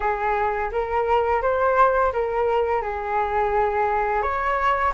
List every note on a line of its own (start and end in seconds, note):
0.00 0.70 G#4
0.71 1.41 A#4
1.41 2.12 C5
2.12 2.82 A#4
2.82 4.22 G#4
4.22 4.93 C#5